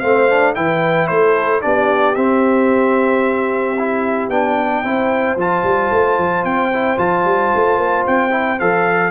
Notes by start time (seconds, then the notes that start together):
0.00 A3 C4 C5 F5
0.30 D4
0.55 E3 E4 B4 G5
1.08 A3 A4 C5
1.62 B3 D4 G4 D5
2.16 C4 E5
3.79 E4
4.29 B3 D4 G5
4.83 C4 E4 C5
5.37 F3 F4 A5
5.64 G3
5.91 A3
6.18 F3
6.45 C4 G5
6.74 E4
6.98 F3 F4 A5
7.25 G3
7.55 A3
7.78 A#3
8.07 C4 G5
8.30 E4
8.60 F3 A4 F5